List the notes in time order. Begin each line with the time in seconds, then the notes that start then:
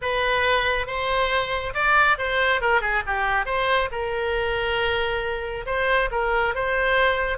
0.01 B4
0.86 C5
1.74 D5
2.18 C5
2.61 A#4
2.81 G#4
3.06 G4
3.45 C5
3.91 A#4
5.66 C5
6.11 A#4
6.54 C5